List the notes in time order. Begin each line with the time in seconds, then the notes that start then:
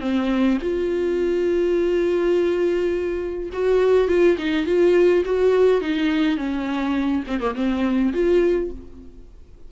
0.00 C4
0.61 F4
3.52 F#4
4.08 F4
4.38 D#4
4.66 F4
5.25 F#4
5.81 D#4
6.37 C#4
7.27 C4
7.40 A#3
7.55 C4
8.13 F4